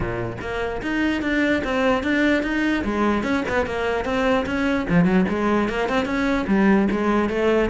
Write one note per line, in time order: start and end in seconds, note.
0.00 0.36 A#2
0.41 0.81 A#3
0.81 1.21 D#4
1.21 1.62 D4
1.64 2.03 C4
2.03 2.43 D4
2.43 2.83 D#4
2.84 3.23 G#3
3.23 3.43 C#4
3.48 3.65 B3
3.65 4.04 A#3
4.04 4.45 C4
4.46 4.86 C#4
4.89 5.04 F3
5.04 5.25 F#3
5.29 5.69 G#3
5.69 5.89 A#3
5.89 6.05 C4
6.05 6.45 C#4
6.47 6.88 G3
6.91 7.29 G#3
7.29 7.70 A3